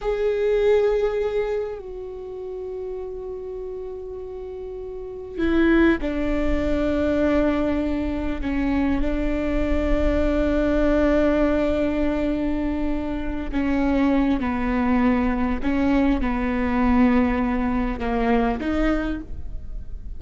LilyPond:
\new Staff \with { instrumentName = "viola" } { \time 4/4 \tempo 4 = 100 gis'2. fis'4~ | fis'1~ | fis'4 e'4 d'2~ | d'2 cis'4 d'4~ |
d'1~ | d'2~ d'8 cis'4. | b2 cis'4 b4~ | b2 ais4 dis'4 | }